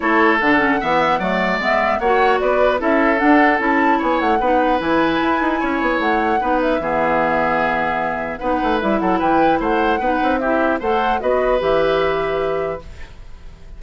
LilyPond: <<
  \new Staff \with { instrumentName = "flute" } { \time 4/4 \tempo 4 = 150 cis''4 fis''2. | e''4 fis''4 d''4 e''4 | fis''4 a''4 gis''8 fis''4. | gis''2. fis''4~ |
fis''8 e''2.~ e''8~ | e''4 fis''4 e''8 fis''8 g''4 | fis''2 e''4 fis''4 | dis''4 e''2. | }
  \new Staff \with { instrumentName = "oboe" } { \time 4/4 a'2 e''4 d''4~ | d''4 cis''4 b'4 a'4~ | a'2 cis''4 b'4~ | b'2 cis''2 |
b'4 gis'2.~ | gis'4 b'4. a'8 b'4 | c''4 b'4 g'4 c''4 | b'1 | }
  \new Staff \with { instrumentName = "clarinet" } { \time 4/4 e'4 d'8 cis'8 b4 a4 | b4 fis'2 e'4 | d'4 e'2 dis'4 | e'1 |
dis'4 b2.~ | b4 dis'4 e'2~ | e'4 dis'4 e'4 a'4 | fis'4 g'2. | }
  \new Staff \with { instrumentName = "bassoon" } { \time 4/4 a4 d4 e4 fis4 | gis4 ais4 b4 cis'4 | d'4 cis'4 b8 a8 b4 | e4 e'8 dis'8 cis'8 b8 a4 |
b4 e2.~ | e4 b8 a8 g8 fis8 e4 | a4 b8 c'4. a4 | b4 e2. | }
>>